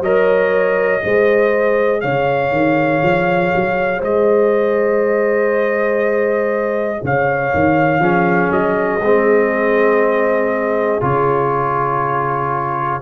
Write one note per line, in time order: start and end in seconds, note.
0.00 1.00 F#3
0.00 1.00 A#4
0.00 1.03 C#5
0.00 2.01 D#5
1.00 2.03 G#3
1.00 7.99 G#4
1.00 2.02 C5
2.01 2.51 C#3
2.01 3.98 C#5
2.01 4.01 F5
2.51 3.01 D#3
3.02 3.52 F3
3.55 4.01 F#3
3.98 7.01 G#3
3.98 6.98 C5
3.98 7.04 D#5
7.03 7.53 C#3
7.03 8.01 C#5
7.03 8.52 F5
7.54 7.99 D#3
7.99 8.49 F3
7.99 8.99 C#4
7.99 13.01 G#4
8.50 8.99 F#3
8.50 11.02 D#5
8.99 10.99 G#3
8.99 11.01 C4
11.01 13.01 C#3
11.01 13.01 F4
11.01 13.01 C#5